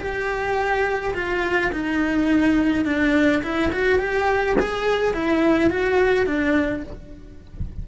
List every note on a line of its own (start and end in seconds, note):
0.00 1.14 G4
1.15 1.72 F4
1.73 2.86 D#4
2.86 3.43 D4
3.43 3.72 E4
3.73 4.00 F#4
4.00 4.57 G4
4.60 5.14 G#4
5.14 5.71 E4
5.71 6.27 F#4
6.27 6.84 D4